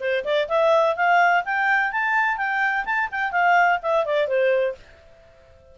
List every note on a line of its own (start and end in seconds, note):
0.00 0.24 C5
0.24 0.48 D5
0.48 0.96 E5
0.96 1.44 F5
1.45 1.92 G5
1.92 2.37 A5
2.37 2.85 G5
2.85 3.09 A5
3.11 3.32 G5
3.32 3.79 F5
3.82 4.05 E5
4.05 4.28 D5
4.28 4.75 C5